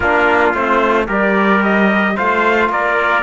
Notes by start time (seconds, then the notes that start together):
0.00 A#3 D4 F4 A#4
0.54 A3 C4 C5
1.07 G3 G4 A#4 D5
1.63 D#5
2.16 A3 F4 C5 F5
2.69 A#3 A#4 D5